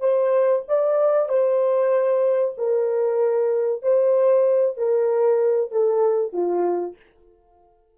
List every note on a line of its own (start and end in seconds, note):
0.00 0.63 C5
0.68 1.29 D5
1.29 2.55 C5
2.58 3.82 A#4
3.82 4.77 C5
4.77 5.71 A#4
5.71 6.33 A4
6.33 6.96 F4